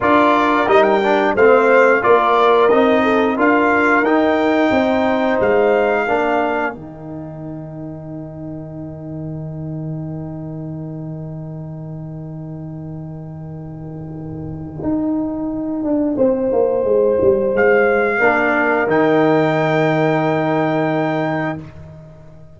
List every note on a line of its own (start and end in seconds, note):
0.00 0.67 D4
0.00 0.67 F4
0.00 1.35 A#4
0.00 0.69 D5
0.67 1.34 G3
0.67 1.00 D#4
0.67 0.83 D#5
0.83 1.33 G5
1.03 1.37 D4
1.35 2.03 A3
1.35 2.01 C4
1.35 2.02 C5
1.35 2.03 F5
2.01 2.71 A#3
2.01 2.69 F4
2.01 3.03 A#4
2.01 2.69 D5
2.69 3.37 C4
2.69 3.37 D#4
2.69 3.36 D#5
3.03 3.35 A4
3.35 4.02 D4
3.35 4.04 F4
3.35 4.70 A#4
3.35 4.04 F5
4.02 4.70 D#4
4.02 6.07 D#4
4.02 5.39 G5
4.71 5.38 C4
4.71 6.04 C5
5.40 6.08 G#3
5.40 6.73 F5
6.04 6.74 A#3
6.04 6.74 D4
6.04 16.15 A#4
6.73 14.83 D#3
6.73 18.20 D#4
6.73 17.52 G5
14.83 15.83 D#4
15.83 16.17 D4
16.16 16.51 C4
16.16 18.18 C5
16.52 16.84 A#3
16.84 17.17 G#3
17.21 17.53 G3
17.53 18.19 G#3
17.53 18.90 F5
18.18 18.87 A#3
18.18 18.87 D4
18.18 21.55 A#4
18.87 21.56 D#3
18.87 21.57 D#4
18.87 21.59 G5